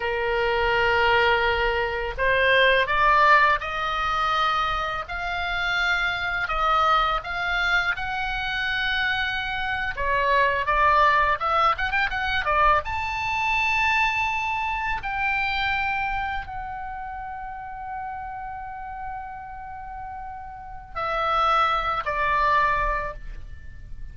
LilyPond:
\new Staff \with { instrumentName = "oboe" } { \time 4/4 \tempo 4 = 83 ais'2. c''4 | d''4 dis''2 f''4~ | f''4 dis''4 f''4 fis''4~ | fis''4.~ fis''16 cis''4 d''4 e''16~ |
e''16 fis''16 g''16 fis''8 d''8 a''2~ a''16~ | a''8. g''2 fis''4~ fis''16~ | fis''1~ | fis''4 e''4. d''4. | }